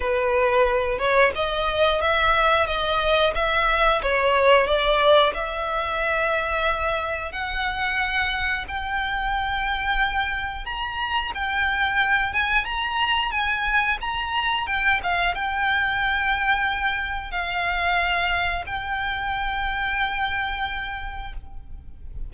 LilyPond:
\new Staff \with { instrumentName = "violin" } { \time 4/4 \tempo 4 = 90 b'4. cis''8 dis''4 e''4 | dis''4 e''4 cis''4 d''4 | e''2. fis''4~ | fis''4 g''2. |
ais''4 g''4. gis''8 ais''4 | gis''4 ais''4 g''8 f''8 g''4~ | g''2 f''2 | g''1 | }